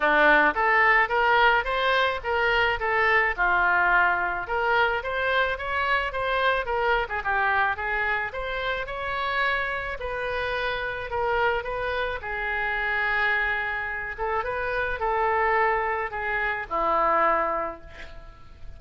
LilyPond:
\new Staff \with { instrumentName = "oboe" } { \time 4/4 \tempo 4 = 108 d'4 a'4 ais'4 c''4 | ais'4 a'4 f'2 | ais'4 c''4 cis''4 c''4 | ais'8. gis'16 g'4 gis'4 c''4 |
cis''2 b'2 | ais'4 b'4 gis'2~ | gis'4. a'8 b'4 a'4~ | a'4 gis'4 e'2 | }